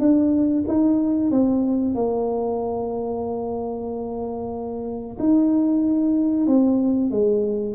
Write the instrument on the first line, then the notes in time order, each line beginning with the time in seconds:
tuba
0.00 D4
0.68 D#4
1.31 C4
1.95 A#3
5.19 D#4
6.47 C4
7.11 G#3